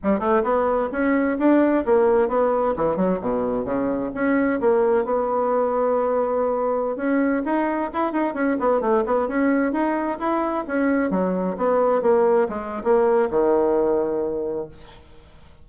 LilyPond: \new Staff \with { instrumentName = "bassoon" } { \time 4/4 \tempo 4 = 131 g8 a8 b4 cis'4 d'4 | ais4 b4 e8 fis8 b,4 | cis4 cis'4 ais4 b4~ | b2.~ b16 cis'8.~ |
cis'16 dis'4 e'8 dis'8 cis'8 b8 a8 b16~ | b16 cis'4 dis'4 e'4 cis'8.~ | cis'16 fis4 b4 ais4 gis8. | ais4 dis2. | }